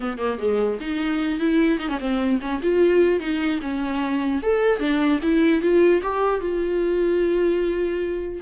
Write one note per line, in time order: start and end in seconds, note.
0.00 0.18 B3
0.18 0.38 A#3
0.39 0.79 G#3
0.80 1.39 D#4
1.39 1.79 E4
1.79 1.88 D#4
1.88 1.98 C#4
1.99 2.39 C4
2.41 2.61 C#4
2.62 3.20 F4
3.20 3.60 D#4
3.61 4.41 C#4
4.42 4.79 A4
4.79 5.19 D4
5.22 5.61 E4
5.61 6.01 F4
6.02 6.40 G4
6.40 8.40 F4